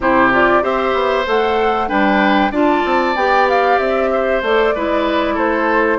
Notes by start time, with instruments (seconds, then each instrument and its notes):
0.00 bassoon C3, clarinet E4, oboe G4, flute C5
0.32 clarinet F4, flute D5
0.62 bassoon C4, clarinet G4, oboe C5, flute E5
0.93 bassoon B3
1.26 bassoon A3, clarinet A4, flute F#5
1.87 bassoon G3, clarinet D4, oboe B4, flute G5
2.51 bassoon D4, clarinet F4, oboe D5, flute A5
2.85 bassoon C4
3.15 bassoon B3, clarinet G4, flute G5
3.49 flute F5
3.78 bassoon C4, flute E5
4.12 oboe C5
4.42 bassoon A3, clarinet A4, flute D5
4.74 bassoon G#3, clarinet E4, oboe B4
5.34 bassoon A3, oboe A4, flute C5